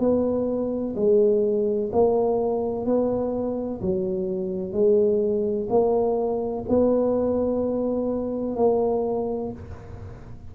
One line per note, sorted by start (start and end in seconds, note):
0.00 0.95 B3
0.96 1.91 G#3
1.93 2.86 A#3
2.86 3.81 B3
3.82 4.73 F#3
4.73 5.68 G#3
5.70 6.65 A#3
6.69 8.57 B3
8.57 9.52 A#3